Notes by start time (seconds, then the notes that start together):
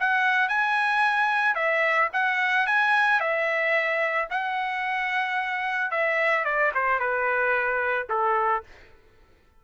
0.00 F#5
0.48 G#5
1.55 E5
2.13 F#5
2.67 G#5
3.20 E5
4.30 F#5
5.91 E5
6.45 D5
6.74 C5
6.99 B4
8.10 A4